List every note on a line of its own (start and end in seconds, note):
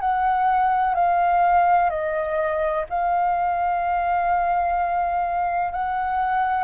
0.00 0.94 F#5
0.94 1.90 F5
1.90 2.85 D#5
2.90 5.72 F5
5.72 6.64 F#5